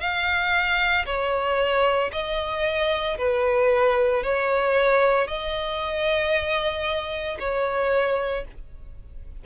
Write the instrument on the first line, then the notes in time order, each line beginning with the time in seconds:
violin
0.00 F5
1.06 C#5
2.12 D#5
3.18 B4
4.23 C#5
5.27 D#5
7.39 C#5